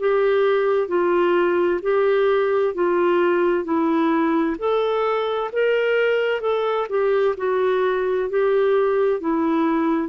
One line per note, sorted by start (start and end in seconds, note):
0.00 0.88 G4
0.88 1.80 F4
1.82 2.74 G4
2.74 3.64 F4
3.64 4.57 E4
4.59 5.51 A4
5.53 6.41 A#4
6.41 6.87 A4
6.89 7.36 G4
7.38 8.30 F#4
8.30 9.21 G4
9.21 10.09 E4